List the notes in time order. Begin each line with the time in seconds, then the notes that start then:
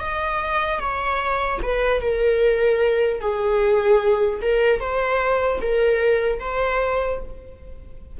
0.00 D#5
0.80 C#5
1.62 B4
2.01 A#4
3.20 G#4
4.41 A#4
4.80 C5
5.61 A#4
6.39 C5